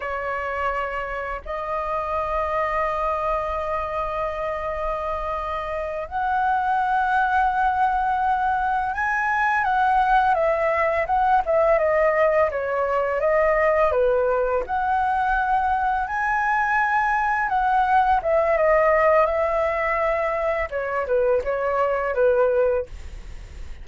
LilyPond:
\new Staff \with { instrumentName = "flute" } { \time 4/4 \tempo 4 = 84 cis''2 dis''2~ | dis''1~ | dis''8 fis''2.~ fis''8~ | fis''8 gis''4 fis''4 e''4 fis''8 |
e''8 dis''4 cis''4 dis''4 b'8~ | b'8 fis''2 gis''4.~ | gis''8 fis''4 e''8 dis''4 e''4~ | e''4 cis''8 b'8 cis''4 b'4 | }